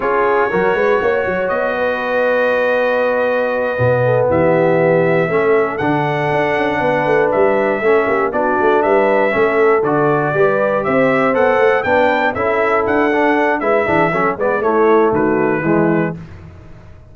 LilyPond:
<<
  \new Staff \with { instrumentName = "trumpet" } { \time 4/4 \tempo 4 = 119 cis''2. dis''4~ | dis''1~ | dis''8 e''2. fis''8~ | fis''2~ fis''8 e''4.~ |
e''8 d''4 e''2 d''8~ | d''4. e''4 fis''4 g''8~ | g''8 e''4 fis''4. e''4~ | e''8 d''8 cis''4 b'2 | }
  \new Staff \with { instrumentName = "horn" } { \time 4/4 gis'4 ais'8 b'8 cis''4. b'8~ | b'1 | a'8 g'2 a'4.~ | a'4. b'2 a'8 |
g'8 fis'4 b'4 a'4.~ | a'8 b'4 c''2 b'8~ | b'8 a'2~ a'8 b'8 gis'8 | a'8 b'8 e'4 fis'4 e'4 | }
  \new Staff \with { instrumentName = "trombone" } { \time 4/4 f'4 fis'2.~ | fis'2.~ fis'8 b8~ | b2~ b8 cis'4 d'8~ | d'2.~ d'8 cis'8~ |
cis'8 d'2 cis'4 fis'8~ | fis'8 g'2 a'4 d'8~ | d'8 e'4. d'4 e'8 d'8 | cis'8 b8 a2 gis4 | }
  \new Staff \with { instrumentName = "tuba" } { \time 4/4 cis'4 fis8 gis8 ais8 fis8 b4~ | b2.~ b8 b,8~ | b,8 e2 a4 d8~ | d8 d'8 cis'8 b8 a8 g4 a8 |
ais8 b8 a8 g4 a4 d8~ | d8 g4 c'4 b8 a8 b8~ | b8 cis'4 d'4. gis8 e8 | fis8 gis8 a4 dis4 e4 | }
>>